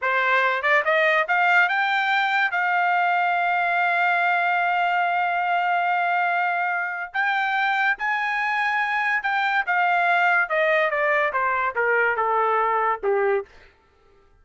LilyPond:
\new Staff \with { instrumentName = "trumpet" } { \time 4/4 \tempo 4 = 143 c''4. d''8 dis''4 f''4 | g''2 f''2~ | f''1~ | f''1~ |
f''4 g''2 gis''4~ | gis''2 g''4 f''4~ | f''4 dis''4 d''4 c''4 | ais'4 a'2 g'4 | }